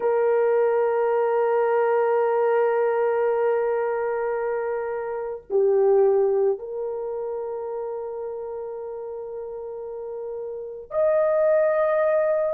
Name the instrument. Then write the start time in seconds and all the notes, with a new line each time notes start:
horn
0.00 A#4
5.50 G4
6.59 A#4
10.90 D#5